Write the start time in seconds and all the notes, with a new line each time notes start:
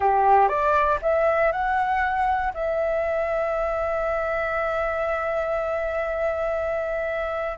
0.00 G4
0.48 D5
1.02 E5
1.52 F#5
2.53 E5